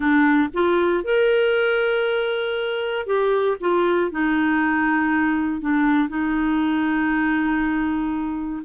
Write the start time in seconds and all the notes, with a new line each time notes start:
0.00 D4
0.53 F4
1.04 A#4
3.06 G4
3.60 F4
4.11 D#4
5.61 D4
6.09 D#4